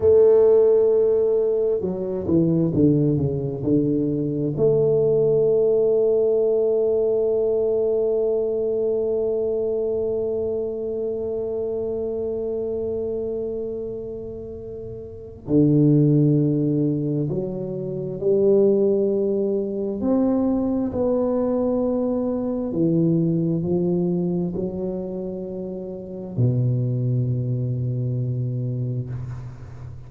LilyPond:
\new Staff \with { instrumentName = "tuba" } { \time 4/4 \tempo 4 = 66 a2 fis8 e8 d8 cis8 | d4 a2.~ | a1~ | a1~ |
a4 d2 fis4 | g2 c'4 b4~ | b4 e4 f4 fis4~ | fis4 b,2. | }